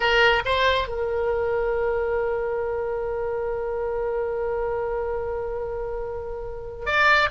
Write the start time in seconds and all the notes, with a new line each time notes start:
0.00 A#4
0.45 C5
0.88 A#4
6.85 D5